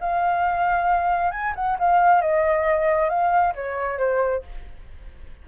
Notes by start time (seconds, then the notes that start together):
0.00 F5
1.31 G#5
1.55 F#5
1.79 F5
2.21 D#5
3.09 F5
3.55 C#5
3.98 C5